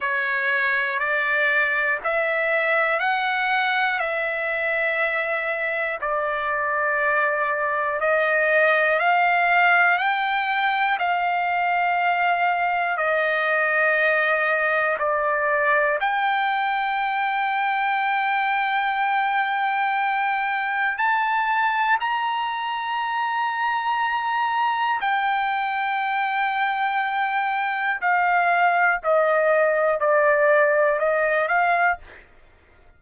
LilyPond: \new Staff \with { instrumentName = "trumpet" } { \time 4/4 \tempo 4 = 60 cis''4 d''4 e''4 fis''4 | e''2 d''2 | dis''4 f''4 g''4 f''4~ | f''4 dis''2 d''4 |
g''1~ | g''4 a''4 ais''2~ | ais''4 g''2. | f''4 dis''4 d''4 dis''8 f''8 | }